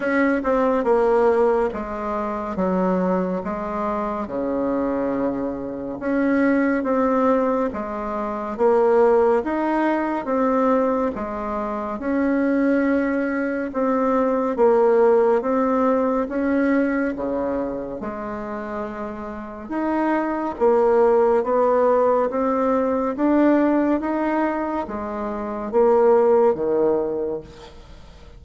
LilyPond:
\new Staff \with { instrumentName = "bassoon" } { \time 4/4 \tempo 4 = 70 cis'8 c'8 ais4 gis4 fis4 | gis4 cis2 cis'4 | c'4 gis4 ais4 dis'4 | c'4 gis4 cis'2 |
c'4 ais4 c'4 cis'4 | cis4 gis2 dis'4 | ais4 b4 c'4 d'4 | dis'4 gis4 ais4 dis4 | }